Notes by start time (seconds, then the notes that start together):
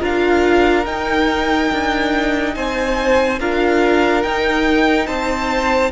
0.00 D4 F4 A#4 F5
0.85 D#4 G5
1.72 D4
2.55 C4 C5 G#5
3.40 D4 F4 A#4 F5
4.23 D#4 G5
5.07 C4 C5 A5